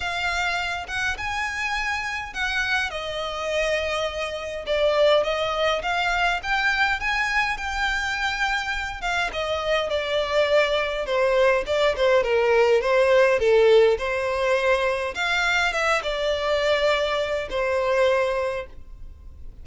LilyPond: \new Staff \with { instrumentName = "violin" } { \time 4/4 \tempo 4 = 103 f''4. fis''8 gis''2 | fis''4 dis''2. | d''4 dis''4 f''4 g''4 | gis''4 g''2~ g''8 f''8 |
dis''4 d''2 c''4 | d''8 c''8 ais'4 c''4 a'4 | c''2 f''4 e''8 d''8~ | d''2 c''2 | }